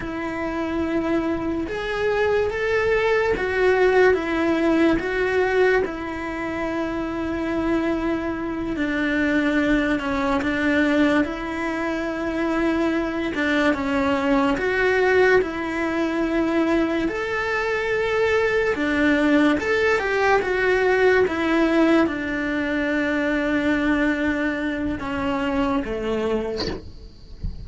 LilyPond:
\new Staff \with { instrumentName = "cello" } { \time 4/4 \tempo 4 = 72 e'2 gis'4 a'4 | fis'4 e'4 fis'4 e'4~ | e'2~ e'8 d'4. | cis'8 d'4 e'2~ e'8 |
d'8 cis'4 fis'4 e'4.~ | e'8 a'2 d'4 a'8 | g'8 fis'4 e'4 d'4.~ | d'2 cis'4 a4 | }